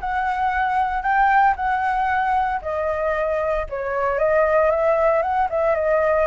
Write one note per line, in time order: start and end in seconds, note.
0.00 1.02 F#5
1.02 1.54 G5
1.56 2.60 F#5
2.62 3.66 D#5
3.69 4.19 C#5
4.19 4.71 D#5
4.71 5.22 E5
5.22 5.48 F#5
5.50 5.75 E5
5.75 6.27 D#5